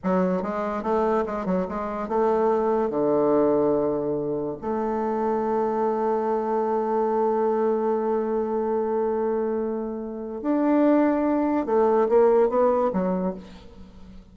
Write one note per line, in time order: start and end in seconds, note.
0.03 0.42 F#3
0.42 0.82 G#3
0.82 1.24 A3
1.26 1.45 G#3
1.45 1.66 F#3
1.68 2.08 G#3
2.08 2.90 A3
2.90 4.56 D3
4.61 10.41 A3
10.41 11.66 D4
11.66 12.07 A3
12.09 12.49 A#3
12.49 12.91 B3
12.92 13.34 F#3